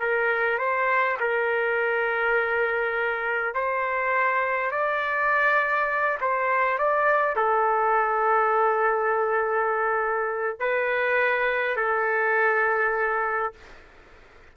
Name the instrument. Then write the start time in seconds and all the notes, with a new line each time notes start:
trumpet
0.00 A#4
0.58 C5
1.20 A#4
3.54 C5
4.71 D5
6.21 C5
6.78 D5
7.36 A4
10.60 B4
11.76 A4